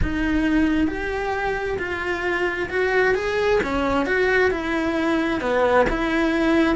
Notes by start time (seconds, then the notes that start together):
0.02 D#4
0.87 G4
1.79 F4
2.69 F#4
3.15 G#4
3.63 C#4
4.06 F#4
4.50 E4
5.41 B3
5.89 E4